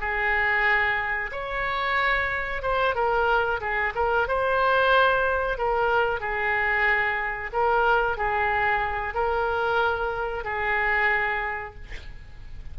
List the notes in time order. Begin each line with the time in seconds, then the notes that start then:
0.00 G#4
1.32 C#5
2.62 C5
2.95 A#4
3.60 G#4
3.95 A#4
4.28 C5
5.58 A#4
6.20 G#4
7.52 A#4
8.17 G#4
9.14 A#4
10.44 G#4